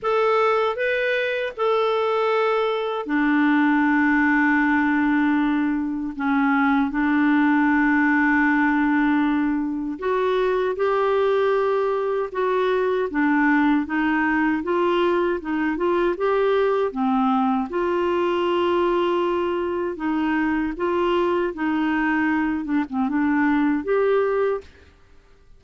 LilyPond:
\new Staff \with { instrumentName = "clarinet" } { \time 4/4 \tempo 4 = 78 a'4 b'4 a'2 | d'1 | cis'4 d'2.~ | d'4 fis'4 g'2 |
fis'4 d'4 dis'4 f'4 | dis'8 f'8 g'4 c'4 f'4~ | f'2 dis'4 f'4 | dis'4. d'16 c'16 d'4 g'4 | }